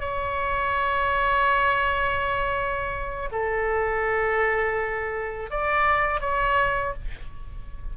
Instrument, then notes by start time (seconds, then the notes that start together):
oboe
0.00 C#5
3.32 A4
5.50 D5
6.20 C#5